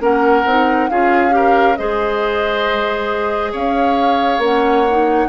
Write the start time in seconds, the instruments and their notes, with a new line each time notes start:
0.00 bassoon A#3, clarinet C#4, oboe A#4, flute F#5
0.46 bassoon C4, clarinet D#4
0.90 bassoon C#4, clarinet F4, oboe G#4, flute F5
1.31 clarinet G4, oboe A#4
1.76 bassoon G#3, clarinet G#4, oboe C5, flute D#5
3.52 bassoon C#4, oboe C#5, flute F5
4.38 bassoon A#3, clarinet C#4, flute F#5
4.90 clarinet D#4